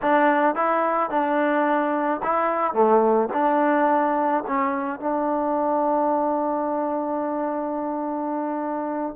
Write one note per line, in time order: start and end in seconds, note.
0.02 0.55 D4
0.55 1.10 E4
1.10 2.21 D4
2.23 2.73 E4
2.73 3.29 A3
3.33 4.44 D4
4.47 5.00 C#4
5.00 9.15 D4